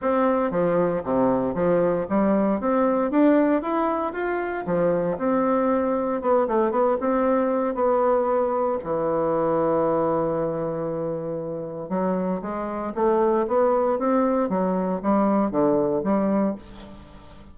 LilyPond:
\new Staff \with { instrumentName = "bassoon" } { \time 4/4 \tempo 4 = 116 c'4 f4 c4 f4 | g4 c'4 d'4 e'4 | f'4 f4 c'2 | b8 a8 b8 c'4. b4~ |
b4 e2.~ | e2. fis4 | gis4 a4 b4 c'4 | fis4 g4 d4 g4 | }